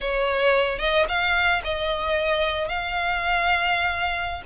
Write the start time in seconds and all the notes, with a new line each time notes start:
0.00 C#5
0.79 D#5
1.08 F5
1.64 D#5
2.68 F5